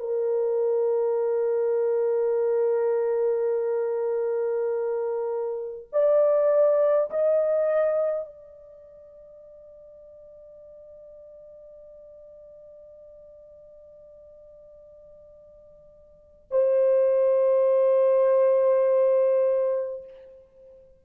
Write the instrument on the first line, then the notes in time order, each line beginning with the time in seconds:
horn
0.00 A#4
5.93 D5
7.10 D#5
8.25 D5
16.51 C5